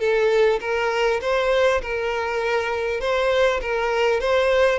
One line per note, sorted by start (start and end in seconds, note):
0.00 0.60 A4
0.61 1.21 A#4
1.21 1.81 C5
1.82 3.01 A#4
3.01 3.61 C5
3.61 4.21 A#4
4.21 4.79 C5